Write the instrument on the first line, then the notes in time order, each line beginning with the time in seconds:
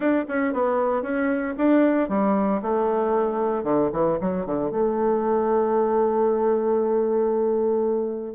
bassoon
0.00 D4
0.28 C#4
0.53 B3
1.02 C#4
1.57 D4
2.09 G3
2.62 A3
3.63 D3
3.92 E3
4.20 F#3
4.46 D3
4.71 A3